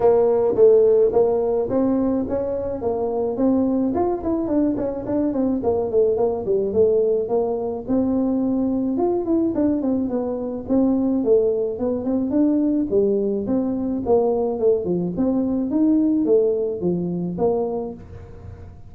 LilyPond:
\new Staff \with { instrumentName = "tuba" } { \time 4/4 \tempo 4 = 107 ais4 a4 ais4 c'4 | cis'4 ais4 c'4 f'8 e'8 | d'8 cis'8 d'8 c'8 ais8 a8 ais8 g8 | a4 ais4 c'2 |
f'8 e'8 d'8 c'8 b4 c'4 | a4 b8 c'8 d'4 g4 | c'4 ais4 a8 f8 c'4 | dis'4 a4 f4 ais4 | }